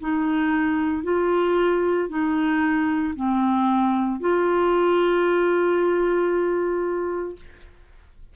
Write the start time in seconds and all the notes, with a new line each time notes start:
0.00 D#4
1.03 F4
2.09 D#4
3.15 C4
4.20 F4